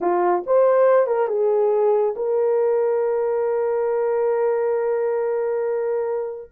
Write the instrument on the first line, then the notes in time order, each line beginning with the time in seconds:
horn
0.00 F4
0.46 C5
1.07 A#4
1.27 G#4
2.16 A#4